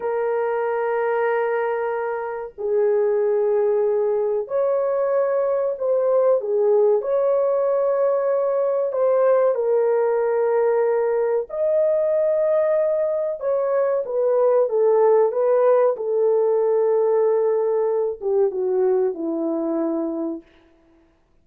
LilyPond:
\new Staff \with { instrumentName = "horn" } { \time 4/4 \tempo 4 = 94 ais'1 | gis'2. cis''4~ | cis''4 c''4 gis'4 cis''4~ | cis''2 c''4 ais'4~ |
ais'2 dis''2~ | dis''4 cis''4 b'4 a'4 | b'4 a'2.~ | a'8 g'8 fis'4 e'2 | }